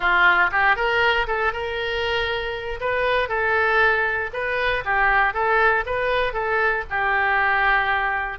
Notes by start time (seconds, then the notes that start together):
0.00 F4
0.51 G4
0.75 A#4
1.27 A4
1.53 A#4
2.80 B4
3.28 A4
4.33 B4
4.84 G4
5.33 A4
5.86 B4
6.33 A4
6.89 G4